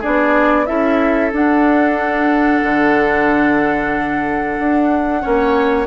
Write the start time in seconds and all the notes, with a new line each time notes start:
0.00 B3 D4 G#4 D5
0.66 C#4 E4 A4 E5
1.32 D4 F#5
2.63 D3
4.59 D4
5.21 A#3 C#4 C#5